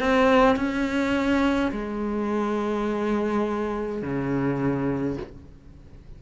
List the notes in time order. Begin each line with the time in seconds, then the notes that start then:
0.00 C4
0.57 C#4
1.72 G#3
4.02 C#3